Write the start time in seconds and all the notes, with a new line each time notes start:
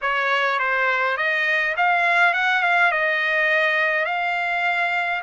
0.01 C#5
0.59 C5
1.17 D#5
1.77 F5
2.33 F#5
2.62 F5
2.91 D#5
4.05 F5